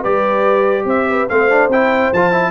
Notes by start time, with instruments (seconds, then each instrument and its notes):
0.00 tuba G3, trombone G4, horn B4, trumpet D5
0.85 tuba C4, horn C5, trumpet E5
1.10 horn B4
1.29 tuba A3, trombone C4, horn C5, trumpet F5
1.50 trombone D4
1.68 tuba C4, trombone E4, trumpet G5
2.13 tuba F3, trombone F4, trumpet A5
2.32 trombone E4